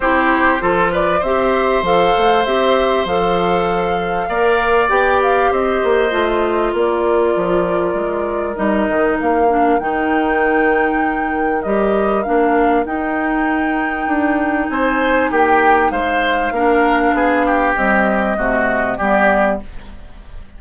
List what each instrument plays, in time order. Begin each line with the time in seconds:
0.00 bassoon C4, clarinet E4, oboe G4, flute C5
0.59 bassoon F3, clarinet F4, oboe A4
0.91 oboe B4, flute D5
1.19 bassoon C4, clarinet G4, oboe C5, flute E5
1.82 bassoon F3, clarinet A4, flute F5
2.17 bassoon A3
2.45 bassoon C4, clarinet G4, flute E5
3.04 bassoon F3, clarinet A4, flute F5
4.29 bassoon A#3, clarinet A#4, oboe D5
4.88 bassoon B3, clarinet G4, flute G5
5.22 flute F5
5.51 bassoon C4, oboe C5, flute D#5
5.83 bassoon A#3
6.10 bassoon A3, clarinet F4
6.72 bassoon A#3, oboe A#4, flute D5
7.35 bassoon F3
7.93 bassoon G#3
8.55 bassoon G3, clarinet D#4, flute D#5
8.88 bassoon D#3
9.19 bassoon A#3, flute F5
9.48 clarinet D4
9.79 bassoon D#3, clarinet D#4, flute G5
11.62 bassoon G3, clarinet G4, flute D#5
12.22 bassoon A#3, clarinet D4, flute F5
12.85 bassoon D#4, clarinet D#4, flute G5
14.07 bassoon D4
14.69 bassoon C4, oboe C5, flute G#5
15.30 bassoon A#3, oboe G4, flute G5
15.90 bassoon G#3, oboe C5, flute F5
16.51 bassoon A#3, clarinet D4, oboe A#4
17.13 bassoon B3, oboe G#4
17.45 oboe G4
17.75 clarinet G3, bassoon C4, flute D#5
18.36 bassoon C3, clarinet A3, oboe F#4
18.97 bassoon G3, clarinet B3, oboe G4, flute D5